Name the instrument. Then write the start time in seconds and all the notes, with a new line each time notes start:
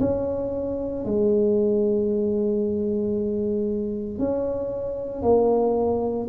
tuba
0.00 C#4
1.05 G#3
4.19 C#4
5.22 A#3